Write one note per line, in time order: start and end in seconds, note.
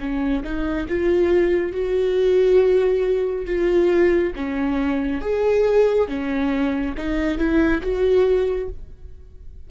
0.00 0.43 C#4
0.44 0.87 D#4
0.89 1.72 F4
1.72 3.46 F#4
3.46 4.33 F4
4.36 5.21 C#4
5.21 6.08 G#4
6.08 6.95 C#4
6.98 7.38 D#4
7.38 7.82 E4
7.82 8.69 F#4